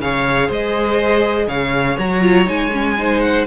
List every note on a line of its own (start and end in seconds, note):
0.00 0.50 C#3
0.00 1.99 G#4
0.00 0.47 C#5
0.00 0.51 F5
0.47 1.48 G#3
0.47 1.46 C5
0.47 1.49 D#5
1.47 1.97 C#3
1.47 2.96 C#5
1.47 1.99 F5
1.99 2.48 F#3
1.99 2.22 F#4
1.99 2.49 A#5
2.22 2.46 F4
2.46 3.47 G#3
2.46 2.71 D#4
2.46 3.21 G#5
2.72 2.97 C#4
2.99 3.47 D#4
2.99 3.47 C5
3.21 3.46 F#5